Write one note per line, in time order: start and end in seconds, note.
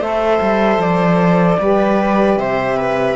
0.00 0.40 A3
0.00 1.59 A4
0.00 1.58 C5
0.00 0.81 E5
0.42 0.78 G3
0.78 1.57 F3
0.78 2.39 D5
1.60 2.37 G3
1.60 3.16 G4
1.60 2.40 B4
2.37 3.16 C3
2.37 2.78 C5
2.37 3.16 E5
2.78 3.16 B4